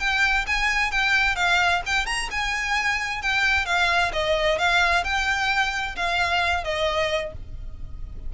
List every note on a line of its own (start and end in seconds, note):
0.00 0.46 G5
0.47 0.91 G#5
0.91 1.36 G5
1.36 1.82 F5
1.86 2.07 G5
2.07 2.29 A#5
2.31 3.22 G#5
3.22 3.66 G5
3.66 4.12 F5
4.13 4.59 D#5
4.59 5.04 F5
5.04 5.96 G5
5.96 6.65 F5
6.65 7.33 D#5